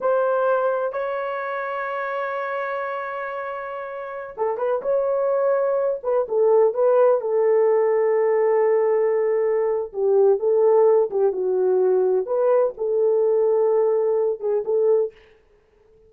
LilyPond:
\new Staff \with { instrumentName = "horn" } { \time 4/4 \tempo 4 = 127 c''2 cis''2~ | cis''1~ | cis''4~ cis''16 a'8 b'8 cis''4.~ cis''16~ | cis''8. b'8 a'4 b'4 a'8.~ |
a'1~ | a'4 g'4 a'4. g'8 | fis'2 b'4 a'4~ | a'2~ a'8 gis'8 a'4 | }